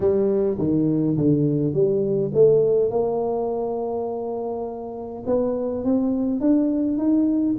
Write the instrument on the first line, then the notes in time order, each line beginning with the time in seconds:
tuba
0.00 G3
0.58 D#3
1.17 D3
1.73 G3
2.34 A3
2.90 A#3
5.26 B3
5.84 C4
6.40 D4
6.97 D#4